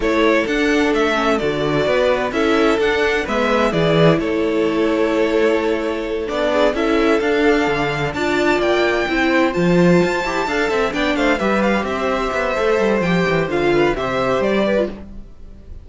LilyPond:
<<
  \new Staff \with { instrumentName = "violin" } { \time 4/4 \tempo 4 = 129 cis''4 fis''4 e''4 d''4~ | d''4 e''4 fis''4 e''4 | d''4 cis''2.~ | cis''4. d''4 e''4 f''8~ |
f''4. a''4 g''4.~ | g''8 a''2. g''8 | f''8 e''8 f''8 e''2~ e''8 | g''4 f''4 e''4 d''4 | }
  \new Staff \with { instrumentName = "violin" } { \time 4/4 a'1 | b'4 a'2 b'4 | gis'4 a'2.~ | a'2 gis'8 a'4.~ |
a'4. d''2 c''8~ | c''2~ c''8 f''8 e''8 d''8 | c''8 b'4 c''2~ c''8~ | c''4. b'8 c''4. b'8 | }
  \new Staff \with { instrumentName = "viola" } { \time 4/4 e'4 d'4. cis'8 fis'4~ | fis'4 e'4 d'4 b4 | e'1~ | e'4. d'4 e'4 d'8~ |
d'4. f'2 e'8~ | e'8 f'4. g'8 a'4 d'8~ | d'8 g'2~ g'8 a'4 | g'4 f'4 g'4.~ g'16 f'16 | }
  \new Staff \with { instrumentName = "cello" } { \time 4/4 a4 d'4 a4 d4 | b4 cis'4 d'4 gis4 | e4 a2.~ | a4. b4 cis'4 d'8~ |
d'8 d4 d'4 ais4 c'8~ | c'8 f4 f'8 e'8 d'8 c'8 b8 | a8 g4 c'4 b8 a8 g8 | f8 e8 d4 c4 g4 | }
>>